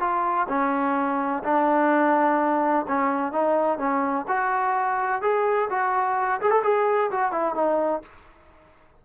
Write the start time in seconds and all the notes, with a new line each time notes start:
0.00 F4
0.49 C#4
1.44 D4
2.88 C#4
3.33 D#4
3.78 C#4
4.28 F#4
5.22 G#4
5.70 F#4
6.41 G#4
6.51 A4
6.64 G#4
7.11 F#4
7.32 E4
7.55 D#4